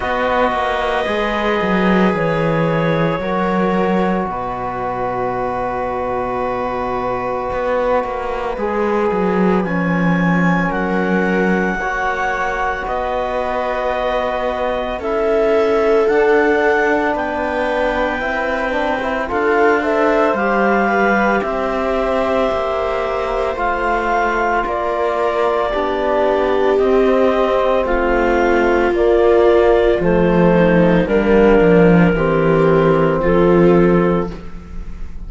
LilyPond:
<<
  \new Staff \with { instrumentName = "clarinet" } { \time 4/4 \tempo 4 = 56 dis''2 cis''2 | dis''1~ | dis''4 gis''4 fis''2 | dis''2 e''4 fis''4 |
g''2 f''8 e''8 f''4 | e''2 f''4 d''4~ | d''4 dis''4 f''4 d''4 | c''4 ais'2 a'4 | }
  \new Staff \with { instrumentName = "viola" } { \time 4/4 b'2. ais'4 | b'1~ | b'2 ais'4 cis''4 | b'2 a'2 |
b'2 a'8 c''4 b'8 | c''2. ais'4 | g'2 f'2~ | f'8 dis'8 d'4 g'4 f'4 | }
  \new Staff \with { instrumentName = "trombone" } { \time 4/4 fis'4 gis'2 fis'4~ | fis'1 | gis'4 cis'2 fis'4~ | fis'2 e'4 d'4~ |
d'4 e'8 d'16 e'16 f'8 a'8 g'4~ | g'2 f'2 | d'4 c'2 ais4 | a4 ais4 c'2 | }
  \new Staff \with { instrumentName = "cello" } { \time 4/4 b8 ais8 gis8 fis8 e4 fis4 | b,2. b8 ais8 | gis8 fis8 f4 fis4 ais4 | b2 cis'4 d'4 |
b4 c'4 d'4 g4 | c'4 ais4 a4 ais4 | b4 c'4 a4 ais4 | f4 g8 f8 e4 f4 | }
>>